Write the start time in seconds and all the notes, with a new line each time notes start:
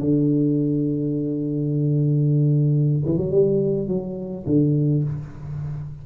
0.00 D3
3.05 E3
3.17 F#3
3.31 G3
3.87 F#3
4.46 D3